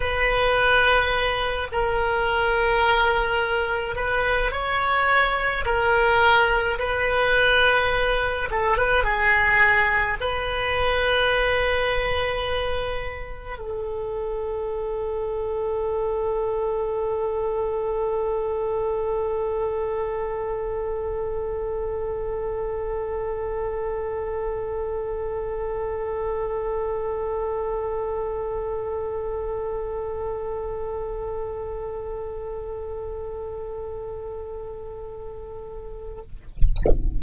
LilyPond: \new Staff \with { instrumentName = "oboe" } { \time 4/4 \tempo 4 = 53 b'4. ais'2 b'8 | cis''4 ais'4 b'4. a'16 b'16 | gis'4 b'2. | a'1~ |
a'1~ | a'1~ | a'1~ | a'1 | }